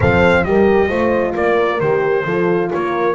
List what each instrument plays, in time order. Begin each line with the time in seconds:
0.00 double bass F3, horn C4 A4, trumpet F5
0.44 double bass G3, horn G4 A#4, trumpet D#5
0.88 double bass A3, horn F4 C5
1.34 double bass A#3, horn A#4, trumpet D5
1.80 double bass D#3, horn G4, trumpet C5
2.24 double bass F3, horn F4 A4
2.71 double bass A#3, horn A#4, trumpet C#5